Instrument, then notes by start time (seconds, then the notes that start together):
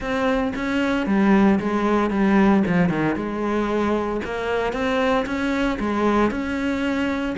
cello
0.00 C4
0.55 C#4
1.06 G3
1.59 G#3
2.10 G3
2.66 F3
2.89 D#3
3.15 G#3
4.24 A#3
4.72 C4
5.25 C#4
5.79 G#3
6.30 C#4